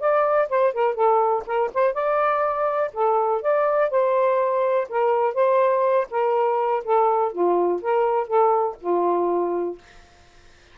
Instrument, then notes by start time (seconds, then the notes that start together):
saxophone
0.00 D5
0.49 C5
0.74 A#4
0.95 A4
1.47 A#4
1.74 C5
1.94 D5
2.94 A4
3.42 D5
3.91 C5
4.89 A#4
5.35 C5
6.11 A#4
6.84 A4
7.33 F4
7.82 A#4
8.28 A4
8.81 F4